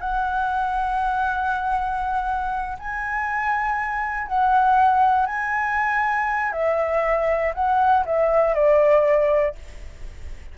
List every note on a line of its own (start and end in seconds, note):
0.00 2.77 F#5
2.79 4.27 G#5
4.27 5.26 F#5
5.26 6.52 G#5
6.52 7.53 E5
7.54 8.04 F#5
8.05 8.54 E5
8.54 9.55 D5